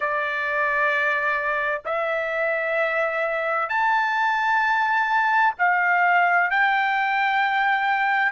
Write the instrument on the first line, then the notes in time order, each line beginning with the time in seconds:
trumpet
0.00 D5
1.85 E5
3.69 A5
5.58 F5
6.50 G5